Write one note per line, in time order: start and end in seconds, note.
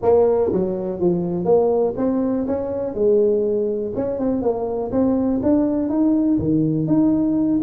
0.02 0.51 A#3
0.52 1.00 F#3
1.00 1.45 F3
1.45 1.94 A#3
1.96 2.46 C4
2.47 2.94 C#4
2.94 3.92 G#3
3.95 4.19 C#4
4.19 4.42 C4
4.42 4.91 A#3
4.91 5.40 C4
5.42 5.89 D4
5.89 6.38 D#4
6.38 6.87 D#3
6.87 7.61 D#4